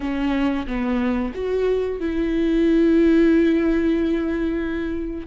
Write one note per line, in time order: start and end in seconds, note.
0.00 0.66 C#4
0.66 1.32 B3
1.34 2.00 F#4
2.00 5.26 E4